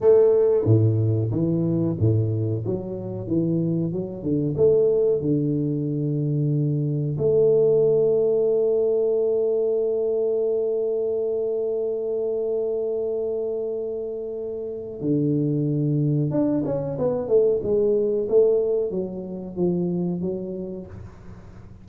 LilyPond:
\new Staff \with { instrumentName = "tuba" } { \time 4/4 \tempo 4 = 92 a4 a,4 e4 a,4 | fis4 e4 fis8 d8 a4 | d2. a4~ | a1~ |
a1~ | a2. d4~ | d4 d'8 cis'8 b8 a8 gis4 | a4 fis4 f4 fis4 | }